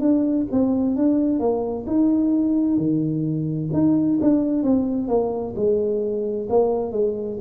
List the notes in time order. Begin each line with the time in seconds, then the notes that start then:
0.00 D4
0.51 C4
0.96 D4
1.39 A#3
1.87 D#4
2.78 D#3
3.73 D#4
4.21 D4
4.63 C4
5.08 A#3
5.56 G#3
6.50 A#3
6.92 G#3